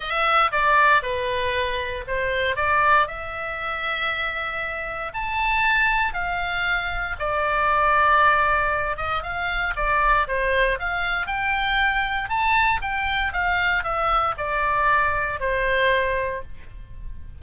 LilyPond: \new Staff \with { instrumentName = "oboe" } { \time 4/4 \tempo 4 = 117 e''4 d''4 b'2 | c''4 d''4 e''2~ | e''2 a''2 | f''2 d''2~ |
d''4. dis''8 f''4 d''4 | c''4 f''4 g''2 | a''4 g''4 f''4 e''4 | d''2 c''2 | }